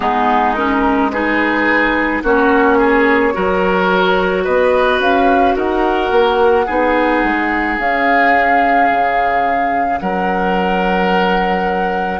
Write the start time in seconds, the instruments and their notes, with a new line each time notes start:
0.00 bassoon G#3, clarinet B3, oboe D#4, flute G#4
0.54 clarinet C#4, flute A#4
1.10 clarinet D#4, oboe G#4, flute B4
2.23 bassoon A#3, clarinet C#4, oboe F#4, flute C#5
2.78 oboe G#4
3.33 bassoon F#3, clarinet F#4, oboe A#4
4.44 bassoon B3, oboe B4, flute D#5
4.99 bassoon C#4, flute F5
5.56 bassoon D#4, oboe A#4, flute F#5
6.10 bassoon A#3
6.66 bassoon B3, clarinet D#4, oboe G#4
7.23 bassoon G#3
7.78 bassoon C#4, clarinet C#4, flute F5
8.90 bassoon C#3
9.99 bassoon F#3, oboe A#4, flute F#5